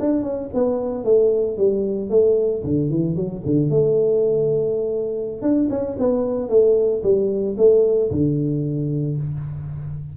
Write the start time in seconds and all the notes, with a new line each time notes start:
0.00 D4
0.23 C#4
0.54 B3
1.04 A3
1.58 G3
2.10 A3
2.64 D3
2.90 E3
3.16 F#3
3.46 D3
3.70 A3
5.42 D4
5.70 C#4
5.99 B3
6.49 A3
7.03 G3
7.58 A3
8.11 D3